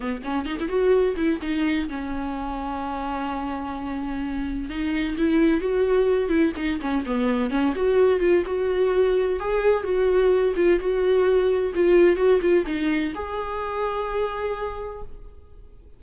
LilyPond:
\new Staff \with { instrumentName = "viola" } { \time 4/4 \tempo 4 = 128 b8 cis'8 dis'16 e'16 fis'4 e'8 dis'4 | cis'1~ | cis'2 dis'4 e'4 | fis'4. e'8 dis'8 cis'8 b4 |
cis'8 fis'4 f'8 fis'2 | gis'4 fis'4. f'8 fis'4~ | fis'4 f'4 fis'8 f'8 dis'4 | gis'1 | }